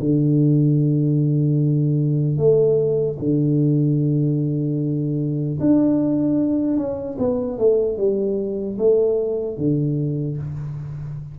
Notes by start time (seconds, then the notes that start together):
0.00 D3
2.37 A3
3.19 D3
5.60 D4
6.77 C#4
7.19 B3
7.58 A3
7.97 G3
8.78 A3
9.57 D3